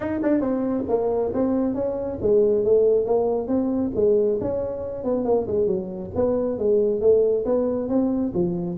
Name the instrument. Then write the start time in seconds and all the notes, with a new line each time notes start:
tuba
0.00 D#4
0.22 D4
0.40 C4
0.88 A#3
1.33 C4
1.74 C#4
2.21 G#3
2.64 A3
3.05 A#3
3.47 C4
3.95 G#3
4.40 C#4
5.04 B3
5.24 A#3
5.47 G#3
5.66 F#3
6.15 B3
6.58 G#3
7.01 A3
7.45 B3
7.89 C4
8.34 F3